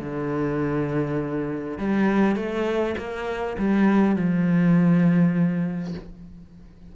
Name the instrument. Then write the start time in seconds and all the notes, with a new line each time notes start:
cello
0.00 D3
1.78 G3
2.36 A3
2.97 A#3
3.58 G3
4.16 F3